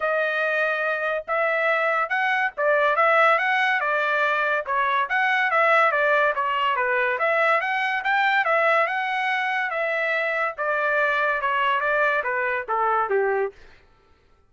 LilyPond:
\new Staff \with { instrumentName = "trumpet" } { \time 4/4 \tempo 4 = 142 dis''2. e''4~ | e''4 fis''4 d''4 e''4 | fis''4 d''2 cis''4 | fis''4 e''4 d''4 cis''4 |
b'4 e''4 fis''4 g''4 | e''4 fis''2 e''4~ | e''4 d''2 cis''4 | d''4 b'4 a'4 g'4 | }